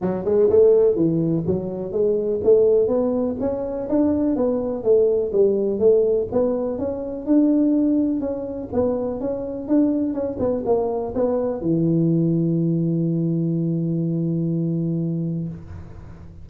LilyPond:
\new Staff \with { instrumentName = "tuba" } { \time 4/4 \tempo 4 = 124 fis8 gis8 a4 e4 fis4 | gis4 a4 b4 cis'4 | d'4 b4 a4 g4 | a4 b4 cis'4 d'4~ |
d'4 cis'4 b4 cis'4 | d'4 cis'8 b8 ais4 b4 | e1~ | e1 | }